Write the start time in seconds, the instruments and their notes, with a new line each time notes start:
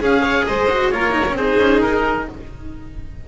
0.00 double bass C#4, cello G#4, violin G#4, oboe F5
0.22 violin C#5
0.46 double bass G#3, violin C5, oboe D#5
0.70 cello F#4
0.91 double bass A#3, cello F4, violin A#4, oboe C#5
1.12 cello D#4
1.29 double bass C4, cello C#4
1.36 cello D#4, violin G#4, oboe C5
1.59 double bass C#4
1.82 double bass D#4, oboe A#4